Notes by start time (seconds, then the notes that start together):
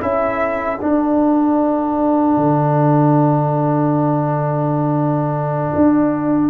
0.00 C#4 E4 A4 E5
0.81 D4 F#5
2.37 D3
5.76 D4